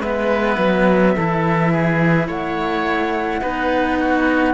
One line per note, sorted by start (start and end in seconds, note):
0.00 0.57 G#3
0.00 1.17 B3
0.00 1.13 B4
0.00 2.29 E5
0.58 1.15 F#3
1.17 2.29 E3
1.17 3.42 E4
1.17 1.73 A4
1.73 2.28 G#4
2.28 3.42 A3
2.28 3.41 C#5
2.28 4.55 F#5
3.42 4.55 B3
3.42 4.55 D#4
3.42 3.99 B4
4.00 4.55 F#4